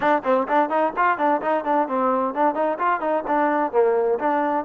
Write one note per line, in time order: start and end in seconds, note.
0.00 0.22 D4
0.24 0.47 C4
0.48 0.69 D4
0.69 0.92 D#4
0.96 1.17 F4
1.17 1.41 D4
1.41 1.64 D#4
1.64 1.87 D4
1.88 2.34 C4
2.34 2.54 D4
2.54 2.78 D#4
2.78 3.00 F4
3.00 3.23 D#4
3.27 3.72 D4
3.72 4.18 A#3
4.19 4.65 D4